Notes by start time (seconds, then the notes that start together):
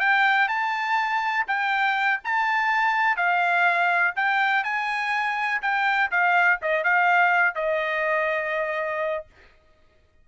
0.00 G5
0.48 A5
1.48 G5
2.24 A5
3.16 F5
4.16 G5
4.64 G#5
5.62 G5
6.11 F5
6.62 D#5
6.84 F5
7.55 D#5